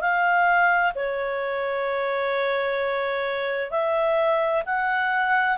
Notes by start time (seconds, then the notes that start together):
0.00 F5
0.95 C#5
3.70 E5
4.65 F#5